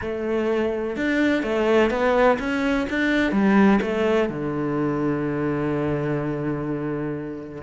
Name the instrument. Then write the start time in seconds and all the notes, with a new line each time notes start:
cello
0.01 A3
0.96 D4
1.42 A3
1.90 B3
2.39 C#4
2.89 D4
3.31 G3
3.81 A3
4.29 D3